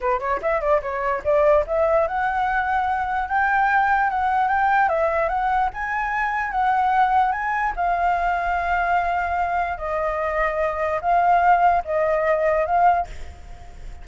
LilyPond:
\new Staff \with { instrumentName = "flute" } { \time 4/4 \tempo 4 = 147 b'8 cis''8 e''8 d''8 cis''4 d''4 | e''4 fis''2. | g''2 fis''4 g''4 | e''4 fis''4 gis''2 |
fis''2 gis''4 f''4~ | f''1 | dis''2. f''4~ | f''4 dis''2 f''4 | }